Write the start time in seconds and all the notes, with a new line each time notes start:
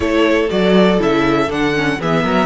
0.00 A3 E4 A4 C#5
0.49 F#3 F#4 D5
0.98 C#3 E4 E5
1.49 D3 D4 F#5
1.74 C#4
1.99 E3 B3 G#4 E5
2.24 F#3 A#4